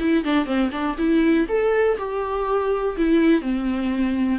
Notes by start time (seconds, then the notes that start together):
0.00 E4
0.25 D4
0.46 C4
0.72 D4
0.98 E4
1.48 A4
1.98 G4
2.97 E4
3.42 C4